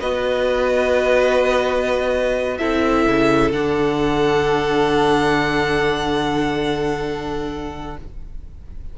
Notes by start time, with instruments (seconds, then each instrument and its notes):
0.00 cello B3, viola F#4, violin B4 D#5
2.58 cello C4, viola E4, violin A4 E5
3.06 cello C#3
3.52 cello D3, viola D4, violin F#5